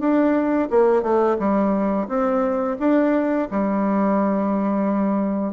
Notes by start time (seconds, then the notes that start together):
0.00 D4
0.70 A#3
1.03 A3
1.39 G3
2.08 C4
2.80 D4
3.51 G3